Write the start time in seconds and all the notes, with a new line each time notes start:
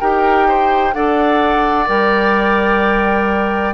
0.00 D#4 G4 A#4 G5
0.48 C5
0.94 D4 A4 D5 F#5
1.87 G3 A#4 G5